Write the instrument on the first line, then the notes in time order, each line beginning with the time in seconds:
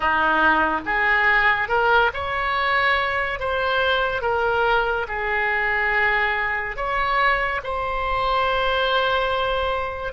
oboe
0.00 D#4
0.85 G#4
1.68 A#4
2.13 C#5
3.39 C5
4.21 A#4
5.07 G#4
6.76 C#5
7.63 C5